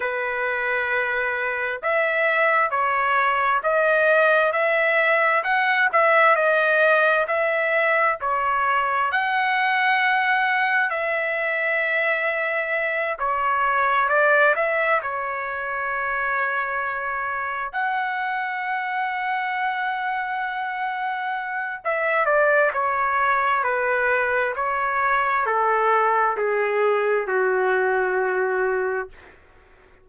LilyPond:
\new Staff \with { instrumentName = "trumpet" } { \time 4/4 \tempo 4 = 66 b'2 e''4 cis''4 | dis''4 e''4 fis''8 e''8 dis''4 | e''4 cis''4 fis''2 | e''2~ e''8 cis''4 d''8 |
e''8 cis''2. fis''8~ | fis''1 | e''8 d''8 cis''4 b'4 cis''4 | a'4 gis'4 fis'2 | }